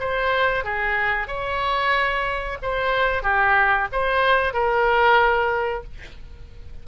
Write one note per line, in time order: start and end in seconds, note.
0.00 0.64 C5
0.64 1.27 G#4
1.27 2.58 C#5
2.62 3.23 C5
3.23 3.88 G4
3.92 4.53 C5
4.53 5.84 A#4